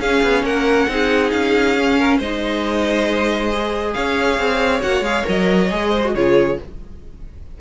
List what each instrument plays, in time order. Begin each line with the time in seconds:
0.00 cello C#4, viola C#4, violin G#4 F5
0.23 cello B3
0.43 cello A#3, violin A#4 F#5
0.89 cello C4, viola D#4, violin G#4
1.31 cello C#4, violin F5
1.78 viola C#4
1.99 violin A#4
2.18 cello G#3, viola D#4, violin C5 D#5
3.53 viola G#4
3.94 cello C#4, violin C#5 F5
4.39 cello C4
4.82 cello A#3, viola F#4, violin F#5
5.01 cello G#3, viola G#4, violin F5
5.24 cello F#3, viola A#4, violin D#5
5.71 cello G#3, viola G#4
5.90 violin C5
6.05 viola F#4
6.15 cello C#3, viola F4, violin G#4 C#5